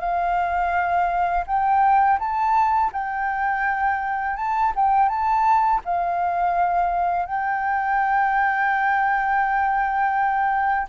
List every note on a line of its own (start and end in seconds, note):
0.00 1.45 F5
1.47 2.19 G5
2.19 2.91 A5
2.93 4.37 G5
4.37 4.73 A5
4.75 5.09 G5
5.09 5.81 A5
5.85 7.26 F5
7.26 10.87 G5